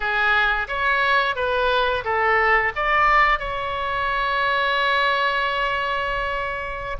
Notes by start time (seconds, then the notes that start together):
0.00 G#4
0.68 C#5
1.35 B4
2.04 A4
2.75 D5
3.39 C#5